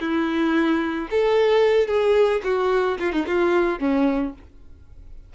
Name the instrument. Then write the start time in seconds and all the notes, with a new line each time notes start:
violin
0.00 E4
1.11 A4
1.87 G#4
2.44 F#4
2.99 F4
3.12 D#4
3.26 F4
3.79 C#4